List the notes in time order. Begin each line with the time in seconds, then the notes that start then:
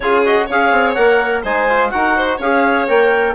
0.00 C#3 F4 G#4 C#5
0.25 F#4 D#5
0.46 C#4 G#4 C#5 F5
0.71 C4
0.93 A#3 A#4 F#5
1.42 G#3 D#4 C5 G#5
1.69 F4
1.89 D#4 F#4 A#4 F#5
2.16 C5
2.37 C#4 G#4 C#5 F5
2.88 A#3 A#4 G5